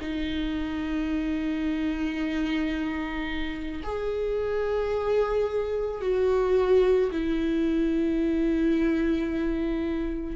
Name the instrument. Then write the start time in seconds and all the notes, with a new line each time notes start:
viola
0.00 D#4
3.83 G#4
6.01 F#4
7.12 E4